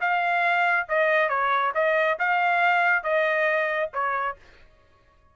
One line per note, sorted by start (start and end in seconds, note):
0.00 0.86 F5
0.88 1.29 D#5
1.29 1.72 C#5
1.74 2.17 D#5
2.19 3.03 F5
3.03 3.89 D#5
3.93 4.36 C#5